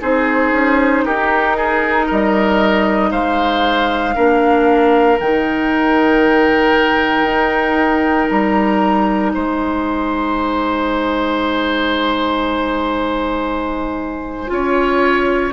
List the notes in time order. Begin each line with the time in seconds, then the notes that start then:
0.00 C4 D#4 G#4 C5
0.52 C#4
1.05 D#4 G4 A#4
1.57 G#4
2.06 G3 A#4 D#5
3.11 G#3 C5 F5
4.14 A#3 D4 A#4
5.19 D#3 D#4 G5
7.23 D#4
8.30 G3 A#5
9.29 C5 G#5
9.35 G#3
14.47 C#4 F4 C#5